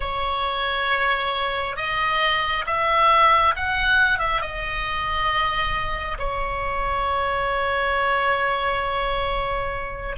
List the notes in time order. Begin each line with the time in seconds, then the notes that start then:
0.00 C#5
1.76 D#5
2.66 E5
3.56 F#5
4.19 E5
4.41 D#5
6.18 C#5